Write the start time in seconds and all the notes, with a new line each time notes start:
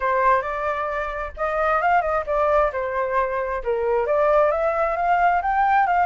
0.00 C5
0.41 D5
1.37 D#5
1.81 F5
2.01 D#5
2.26 D5
2.72 C5
3.63 A#4
4.06 D5
4.51 E5
4.96 F5
5.42 G5
5.86 F5